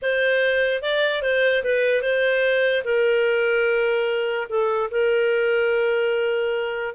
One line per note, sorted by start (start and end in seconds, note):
0.01 0.82 C5
0.82 1.22 D5
1.22 1.63 C5
1.63 2.01 B4
2.01 2.83 C5
2.84 4.47 A#4
4.49 4.90 A4
4.91 6.95 A#4